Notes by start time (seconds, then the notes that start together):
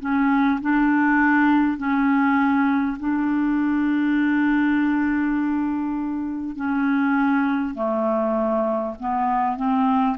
0.00 C#4
0.61 D4
1.77 C#4
2.99 D4
6.56 C#4
7.75 A3
8.99 B3
9.57 C4